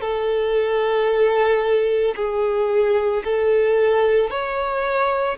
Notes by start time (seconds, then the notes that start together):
0.00 A4
2.15 G#4
3.24 A4
4.30 C#5